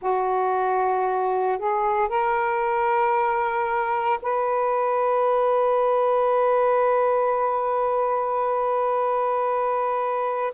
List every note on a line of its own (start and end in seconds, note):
0.01 1.58 F#4
1.58 2.09 G#4
2.09 4.19 A#4
4.22 10.53 B4